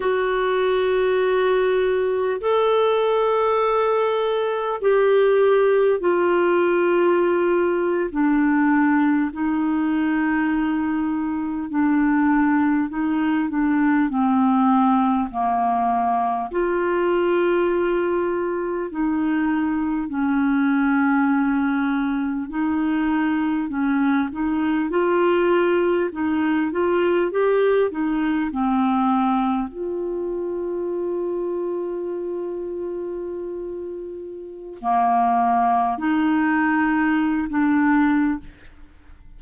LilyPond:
\new Staff \with { instrumentName = "clarinet" } { \time 4/4 \tempo 4 = 50 fis'2 a'2 | g'4 f'4.~ f'16 d'4 dis'16~ | dis'4.~ dis'16 d'4 dis'8 d'8 c'16~ | c'8. ais4 f'2 dis'16~ |
dis'8. cis'2 dis'4 cis'16~ | cis'16 dis'8 f'4 dis'8 f'8 g'8 dis'8 c'16~ | c'8. f'2.~ f'16~ | f'4 ais4 dis'4~ dis'16 d'8. | }